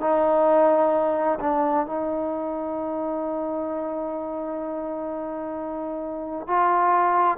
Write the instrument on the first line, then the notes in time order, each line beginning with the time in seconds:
trombone
0.00 D#4
1.40 D4
1.86 D#4
6.47 F4